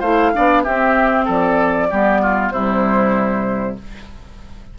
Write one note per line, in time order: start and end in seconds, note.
0.00 0.33 A3
0.00 0.34 E4
0.00 0.31 C5
0.00 0.63 F5
0.34 0.66 B3
0.34 0.64 D4
0.34 0.63 D5
0.63 1.89 C4
0.63 1.28 C4
0.63 1.25 G4
0.63 1.26 E5
1.25 1.91 F3
1.25 1.88 A4
1.25 2.51 D5
1.90 2.52 G3
1.90 2.54 B3
1.90 2.21 G4
2.22 2.53 F4
2.51 3.77 C3
2.51 3.79 G3
2.51 3.78 E4
2.51 3.76 C5